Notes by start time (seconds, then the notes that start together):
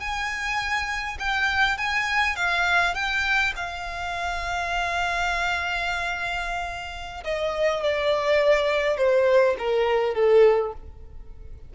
0.00 G#5
1.19 G5
1.78 G#5
2.36 F5
2.94 G5
3.56 F5
7.24 D#5
7.83 D5
8.97 C5
9.58 A#4
10.14 A4